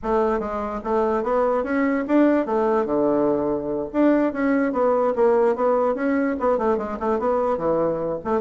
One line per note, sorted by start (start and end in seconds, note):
0.02 0.39 A3
0.39 0.80 G#3
0.83 1.23 A3
1.23 1.63 B3
1.63 2.04 C#4
2.07 2.46 D4
2.46 2.85 A3
2.85 3.88 D3
3.92 4.32 D4
4.32 4.72 C#4
4.72 5.13 B3
5.15 5.55 A#3
5.55 5.94 B3
5.94 6.35 C#4
6.39 6.58 B3
6.58 6.77 A3
6.77 6.98 G#3
6.99 7.19 A3
7.19 7.57 B3
7.57 8.19 E3
8.24 8.41 A3